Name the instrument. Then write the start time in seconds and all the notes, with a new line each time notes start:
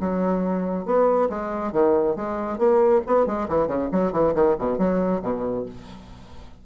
bassoon
0.00 F#3
0.85 B3
1.29 G#3
1.72 D#3
2.15 G#3
2.58 A#3
3.06 B3
3.26 G#3
3.48 E3
3.67 C#3
3.92 F#3
4.12 E3
4.34 D#3
4.58 B2
4.78 F#3
5.22 B2